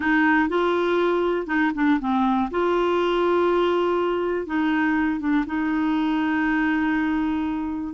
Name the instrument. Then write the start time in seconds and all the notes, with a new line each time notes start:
clarinet
0.00 D#4
0.48 F4
1.47 D#4
1.74 D4
2.00 C4
2.50 F4
4.46 D#4
5.20 D4
5.46 D#4